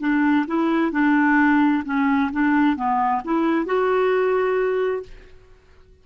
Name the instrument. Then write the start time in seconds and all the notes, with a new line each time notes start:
clarinet
0.00 D4
0.47 E4
0.92 D4
1.85 C#4
2.32 D4
2.76 B3
3.25 E4
3.66 F#4